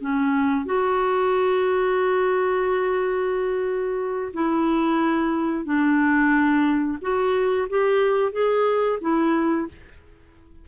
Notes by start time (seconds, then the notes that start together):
0.00 C#4
0.65 F#4
4.33 E4
5.65 D4
7.01 F#4
7.69 G4
8.32 G#4
9.01 E4